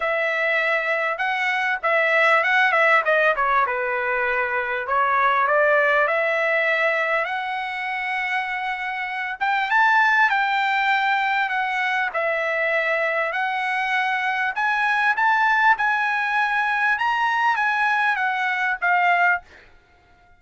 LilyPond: \new Staff \with { instrumentName = "trumpet" } { \time 4/4 \tempo 4 = 99 e''2 fis''4 e''4 | fis''8 e''8 dis''8 cis''8 b'2 | cis''4 d''4 e''2 | fis''2.~ fis''8 g''8 |
a''4 g''2 fis''4 | e''2 fis''2 | gis''4 a''4 gis''2 | ais''4 gis''4 fis''4 f''4 | }